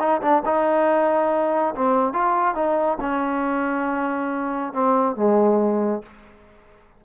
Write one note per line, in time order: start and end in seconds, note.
0.00 0.22 D#4
0.22 0.43 D4
0.45 1.75 D#4
1.75 2.13 C4
2.13 2.55 F4
2.55 2.98 D#4
3.01 4.73 C#4
4.74 5.16 C4
5.16 6.03 G#3